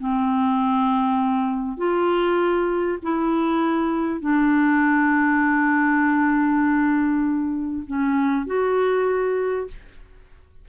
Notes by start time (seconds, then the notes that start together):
0.00 C4
1.77 F4
3.03 E4
4.21 D4
7.87 C#4
8.47 F#4